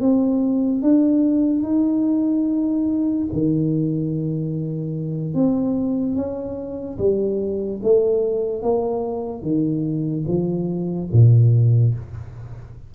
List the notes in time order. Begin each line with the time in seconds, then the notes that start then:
0.00 C4
0.82 D4
1.63 D#4
3.33 D#3
5.34 C4
6.16 C#4
6.98 G3
7.83 A3
8.62 A#3
9.42 D#3
10.27 F3
11.12 A#2